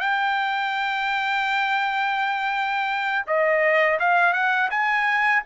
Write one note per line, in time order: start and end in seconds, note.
0.00 3.25 G5
3.27 3.99 D#5
4.00 4.33 F5
4.33 4.69 F#5
4.70 5.42 G#5